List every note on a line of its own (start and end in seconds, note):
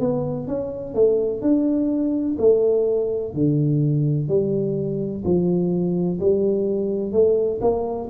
0.00 0.47 B3
0.47 0.94 C#4
0.94 1.41 A3
1.41 2.36 D4
2.39 3.34 A3
3.34 4.28 D3
4.28 5.23 G3
5.24 6.19 F3
6.19 7.12 G3
7.12 7.60 A3
7.61 8.08 A#3